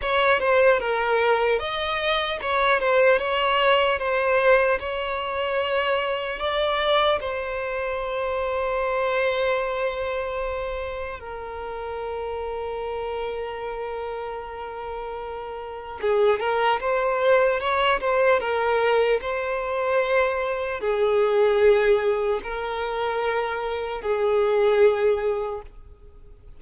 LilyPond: \new Staff \with { instrumentName = "violin" } { \time 4/4 \tempo 4 = 75 cis''8 c''8 ais'4 dis''4 cis''8 c''8 | cis''4 c''4 cis''2 | d''4 c''2.~ | c''2 ais'2~ |
ais'1 | gis'8 ais'8 c''4 cis''8 c''8 ais'4 | c''2 gis'2 | ais'2 gis'2 | }